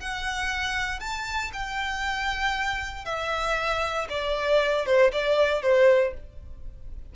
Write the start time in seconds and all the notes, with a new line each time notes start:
0.00 F#5
1.00 A5
1.53 G5
3.05 E5
4.10 D5
4.86 C5
5.13 D5
5.62 C5